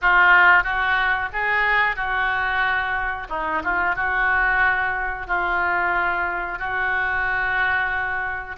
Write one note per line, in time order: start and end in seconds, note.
0.01 0.63 F4
0.63 1.29 F#4
1.32 1.95 G#4
1.95 3.27 F#4
3.29 3.62 D#4
3.64 3.95 F4
3.95 5.27 F#4
5.27 6.58 F4
6.58 8.56 F#4